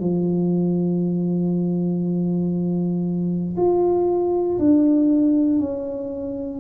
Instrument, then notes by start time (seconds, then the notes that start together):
tuba
0.00 F3
3.56 F4
4.58 D4
5.59 C#4